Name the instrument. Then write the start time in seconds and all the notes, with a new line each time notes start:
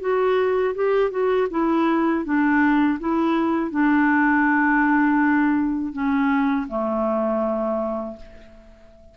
clarinet
0.00 F#4
0.75 G4
1.10 F#4
1.50 E4
2.24 D4
3.00 E4
3.70 D4
5.93 C#4
6.68 A3